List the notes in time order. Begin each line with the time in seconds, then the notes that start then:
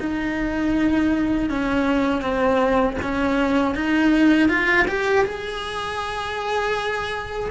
0.00 D#4
1.50 C#4
2.22 C4
3.02 C#4
3.75 D#4
4.49 F4
4.88 G4
5.25 G#4